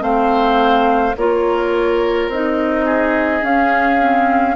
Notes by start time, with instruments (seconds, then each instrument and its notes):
0.00 bassoon A3, clarinet C4, oboe C5, flute F5
1.17 bassoon A#3, clarinet F4, oboe A#4, flute C#5
2.29 bassoon C4, clarinet D#4, flute D#5
2.85 oboe G#4
3.42 clarinet C#4, bassoon C#4, flute F5
4.00 clarinet C4